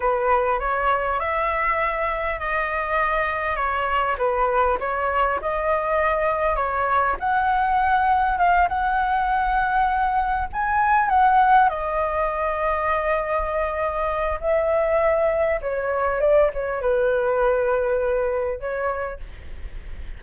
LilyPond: \new Staff \with { instrumentName = "flute" } { \time 4/4 \tempo 4 = 100 b'4 cis''4 e''2 | dis''2 cis''4 b'4 | cis''4 dis''2 cis''4 | fis''2 f''8 fis''4.~ |
fis''4. gis''4 fis''4 dis''8~ | dis''1 | e''2 cis''4 d''8 cis''8 | b'2. cis''4 | }